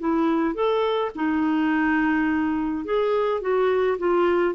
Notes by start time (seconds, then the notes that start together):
0.00 E4
0.55 A4
1.16 D#4
2.85 G#4
3.41 F#4
3.99 F4